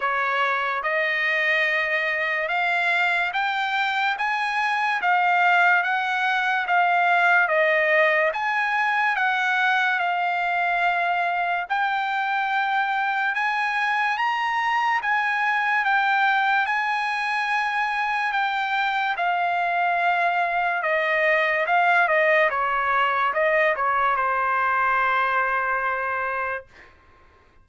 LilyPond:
\new Staff \with { instrumentName = "trumpet" } { \time 4/4 \tempo 4 = 72 cis''4 dis''2 f''4 | g''4 gis''4 f''4 fis''4 | f''4 dis''4 gis''4 fis''4 | f''2 g''2 |
gis''4 ais''4 gis''4 g''4 | gis''2 g''4 f''4~ | f''4 dis''4 f''8 dis''8 cis''4 | dis''8 cis''8 c''2. | }